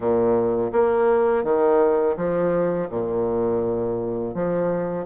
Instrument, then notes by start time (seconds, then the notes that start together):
bassoon
0.00 A#2
0.72 A#3
1.43 D#3
2.17 F3
2.89 A#2
4.34 F3